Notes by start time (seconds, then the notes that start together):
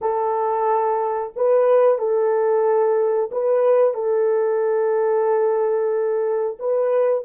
0.01 A4
1.35 B4
1.98 A4
3.31 B4
3.94 A4
6.59 B4